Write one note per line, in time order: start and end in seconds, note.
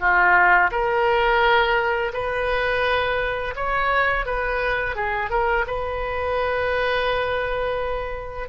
0.00 0.71 F4
0.71 2.12 A#4
2.13 3.55 B4
3.56 4.26 C#5
4.26 4.96 B4
4.96 5.30 G#4
5.30 5.65 A#4
5.67 8.49 B4